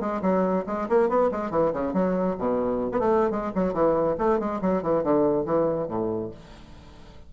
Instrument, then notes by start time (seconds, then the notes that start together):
bassoon
0.00 G#3
0.22 F#3
0.66 G#3
0.89 A#3
1.09 B3
1.31 G#3
1.51 E3
1.73 C#3
1.93 F#3
2.38 B2
2.92 B3
2.99 A3
3.31 G#3
3.55 F#3
3.73 E3
4.18 A3
4.39 G#3
4.61 F#3
4.83 E3
5.03 D3
5.45 E3
5.88 A2